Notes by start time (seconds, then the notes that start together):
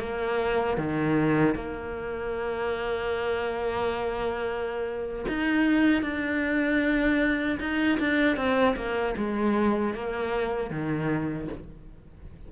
0.00 A#3
0.78 D#3
1.55 A#3
5.29 D#4
6.03 D4
7.60 D#4
8.00 D4
8.37 C4
8.77 A#3
9.17 G#3
9.95 A#3
10.71 D#3